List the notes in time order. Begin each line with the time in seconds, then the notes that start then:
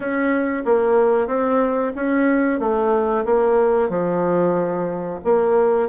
0.00 C#4
0.65 A#3
1.27 C4
1.95 C#4
2.59 A3
3.25 A#3
3.89 F3
5.24 A#3